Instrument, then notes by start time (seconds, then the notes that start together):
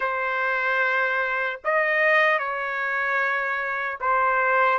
trumpet
0.00 C5
1.64 D#5
2.39 C#5
4.00 C5